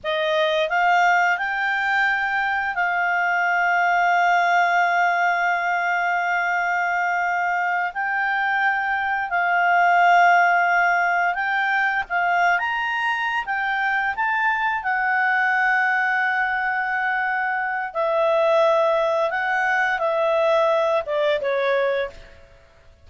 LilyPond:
\new Staff \with { instrumentName = "clarinet" } { \time 4/4 \tempo 4 = 87 dis''4 f''4 g''2 | f''1~ | f''2.~ f''8 g''8~ | g''4. f''2~ f''8~ |
f''8 g''4 f''8. ais''4~ ais''16 g''8~ | g''8 a''4 fis''2~ fis''8~ | fis''2 e''2 | fis''4 e''4. d''8 cis''4 | }